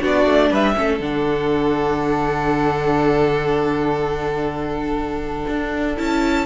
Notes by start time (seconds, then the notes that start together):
0.00 B3 D4 F#4 D5
0.25 A3
0.50 G3 B4 E5
0.75 A3 C#4 A4
0.99 D3 D4 F#5
5.48 D4
5.96 C#4 E4 A5